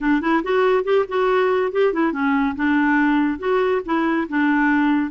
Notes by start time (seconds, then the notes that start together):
0.00 D4
0.21 E4
0.43 F#4
0.84 G4
1.08 F#4
1.72 G4
1.93 E4
2.12 C#4
2.55 D4
3.38 F#4
3.85 E4
4.28 D4